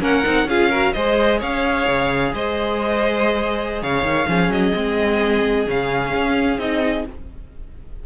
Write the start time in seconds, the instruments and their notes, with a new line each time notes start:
0.00 cello A#3, viola C#4, violin A#4 F#5
0.23 cello C4, viola D#4
0.45 cello C#4, viola F4, violin G#4 F5
0.70 viola F#4, violin A#4
0.93 cello G#3, viola G#4, violin C5 D#5
1.39 cello C#4, violin C#5 F5
1.88 cello C#3
2.33 cello G#3, violin C5 D#5
3.82 cello C#3, violin C#5 F5
4.03 cello D#3
4.27 cello F3, viola C#4, violin G#4
4.49 cello F#3, violin D#5
4.73 cello G#3, viola C4
5.67 cello C#3, viola C#4, violin F5
6.15 cello C#4
6.58 cello C4, viola D#4, violin D#5